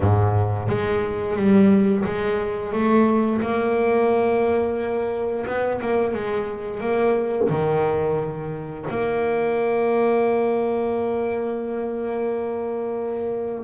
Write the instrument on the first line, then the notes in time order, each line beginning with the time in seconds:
double bass
0.00 G#2
0.68 G#3
1.36 G3
2.05 G#3
2.72 A3
3.41 A#3
5.46 B3
5.81 A#3
6.14 G#3
6.80 A#3
7.49 D#3
8.89 A#3